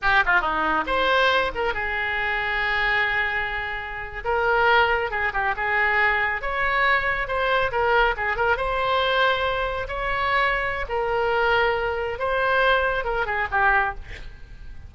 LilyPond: \new Staff \with { instrumentName = "oboe" } { \time 4/4 \tempo 4 = 138 g'8 f'8 dis'4 c''4. ais'8 | gis'1~ | gis'4.~ gis'16 ais'2 gis'16~ | gis'16 g'8 gis'2 cis''4~ cis''16~ |
cis''8. c''4 ais'4 gis'8 ais'8 c''16~ | c''2~ c''8. cis''4~ cis''16~ | cis''4 ais'2. | c''2 ais'8 gis'8 g'4 | }